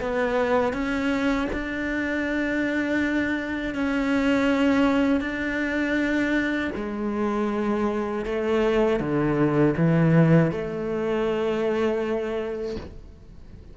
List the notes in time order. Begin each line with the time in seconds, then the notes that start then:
0.00 B3
0.73 C#4
1.52 D4
3.74 C#4
5.21 D4
6.76 G#3
8.25 A3
9.00 D3
9.77 E3
10.51 A3